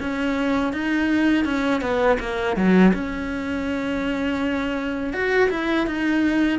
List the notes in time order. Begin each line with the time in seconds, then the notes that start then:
0.00 C#4
0.73 D#4
1.45 C#4
1.81 B3
2.20 A#3
2.56 F#3
2.94 C#4
5.13 F#4
5.50 E4
5.87 D#4